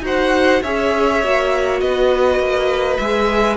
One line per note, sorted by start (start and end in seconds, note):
0.00 0.59 D#4
0.00 0.61 F#4
0.00 0.62 C5
0.06 0.63 F#5
0.62 1.23 C#4
0.62 1.23 G#4
0.62 1.81 C#5
0.62 1.80 E5
1.23 1.81 A#3
1.23 3.00 F#4
1.80 2.39 B3
1.80 3.57 B4
1.80 2.96 D#5
2.39 2.98 A#3
2.96 3.57 G#3
2.96 3.57 G#4
2.96 3.56 E5